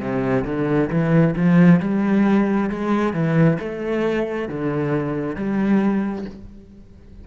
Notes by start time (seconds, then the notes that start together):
0.00 C3
0.45 D3
0.90 E3
1.36 F3
1.81 G3
2.70 G#3
3.13 E3
3.60 A3
4.49 D3
5.36 G3